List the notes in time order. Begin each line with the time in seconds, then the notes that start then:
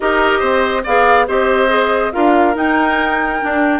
0.00 D#4 G4 A#4 D#5
0.39 C4 C5
0.83 B3 G#4 D5 F5
1.27 C4 G4 C5 D#5
1.68 G#4
2.12 D4 F4 A#4 F5
2.54 D#4 G5
3.39 D4